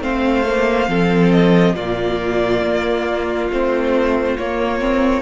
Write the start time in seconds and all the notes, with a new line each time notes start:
0.00 A3 C4 C5 F5
0.45 A#3
0.87 F3 C4 A4
1.31 D#5
1.75 A#2 A#3 F4 D5
2.62 A#3
3.50 A3 C4 C5
4.37 A#3 C#5
4.79 C4